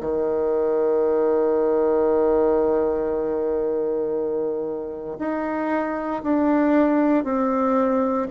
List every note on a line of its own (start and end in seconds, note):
0.00 5.17 D#3
5.18 6.22 D#4
6.23 7.24 D4
7.24 8.27 C4